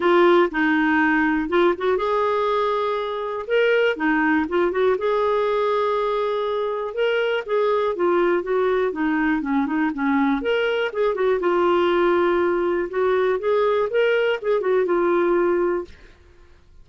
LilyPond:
\new Staff \with { instrumentName = "clarinet" } { \time 4/4 \tempo 4 = 121 f'4 dis'2 f'8 fis'8 | gis'2. ais'4 | dis'4 f'8 fis'8 gis'2~ | gis'2 ais'4 gis'4 |
f'4 fis'4 dis'4 cis'8 dis'8 | cis'4 ais'4 gis'8 fis'8 f'4~ | f'2 fis'4 gis'4 | ais'4 gis'8 fis'8 f'2 | }